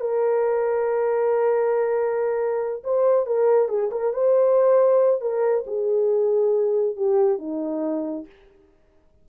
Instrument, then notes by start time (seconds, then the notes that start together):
horn
0.00 A#4
2.84 C5
3.26 A#4
3.68 G#4
3.91 A#4
4.13 C5
5.21 A#4
5.66 G#4
6.96 G4
7.39 D#4